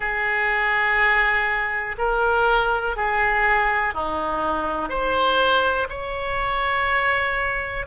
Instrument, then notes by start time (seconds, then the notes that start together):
oboe
0.00 G#4
1.98 A#4
2.96 G#4
3.93 D#4
4.89 C5
5.89 C#5